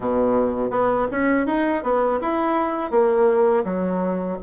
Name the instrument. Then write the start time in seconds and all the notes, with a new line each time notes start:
bassoon
0.00 B2
0.70 B3
1.11 C#4
1.46 D#4
1.83 B3
2.21 E4
2.90 A#3
3.64 F#3